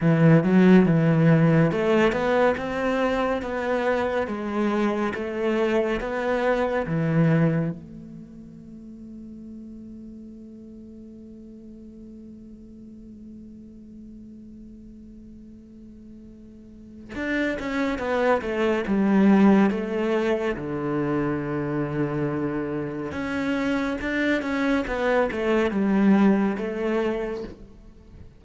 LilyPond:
\new Staff \with { instrumentName = "cello" } { \time 4/4 \tempo 4 = 70 e8 fis8 e4 a8 b8 c'4 | b4 gis4 a4 b4 | e4 a2.~ | a1~ |
a1 | d'8 cis'8 b8 a8 g4 a4 | d2. cis'4 | d'8 cis'8 b8 a8 g4 a4 | }